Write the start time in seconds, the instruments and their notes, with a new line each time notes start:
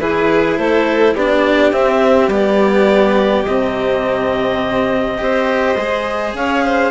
0.00 bassoon E3, cello E4, violin G#4, clarinet B4
0.58 bassoon A3, violin A4, clarinet C5
1.14 bassoon B3, cello D4, violin G4, clarinet D5
1.72 bassoon C4, cello C4, clarinet E5
2.28 bassoon G3, cello B3, clarinet D5
3.45 bassoon C3, cello C4, clarinet D#5
5.18 bassoon C4, cello G4, violin C5
5.76 bassoon G#3, cello G#4
6.33 bassoon C#4, violin C#5, clarinet F5
6.64 violin C5